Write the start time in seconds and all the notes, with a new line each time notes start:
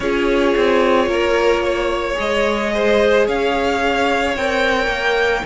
0.00 C#4 F4 G#4 C#5
0.57 C4
1.07 A#3 A#4
1.64 C#5
2.14 G#3 G#4 D#5
2.74 C5
3.26 C#4 C#5 F5
4.36 C4 A#4 G5
4.86 A#3